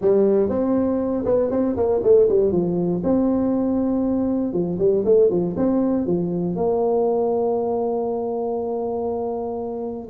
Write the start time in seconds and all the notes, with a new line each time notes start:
0.01 G3
0.49 C4
1.25 B3
1.50 C4
1.76 A#3
2.03 A3
2.28 G3
2.52 F3
3.03 C4
4.53 F3
4.79 G3
5.04 A3
5.30 F3
5.56 C4
6.06 F3
6.55 A#3